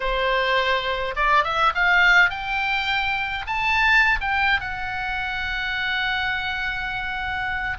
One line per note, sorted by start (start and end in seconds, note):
0.00 1.14 C5
1.16 1.44 D5
1.44 1.73 E5
1.74 2.30 F5
2.30 3.45 G5
3.46 4.18 A5
4.20 4.60 G5
4.60 7.77 F#5